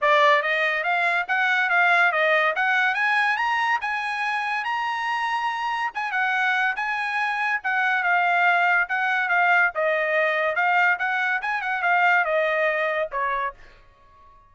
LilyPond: \new Staff \with { instrumentName = "trumpet" } { \time 4/4 \tempo 4 = 142 d''4 dis''4 f''4 fis''4 | f''4 dis''4 fis''4 gis''4 | ais''4 gis''2 ais''4~ | ais''2 gis''8 fis''4. |
gis''2 fis''4 f''4~ | f''4 fis''4 f''4 dis''4~ | dis''4 f''4 fis''4 gis''8 fis''8 | f''4 dis''2 cis''4 | }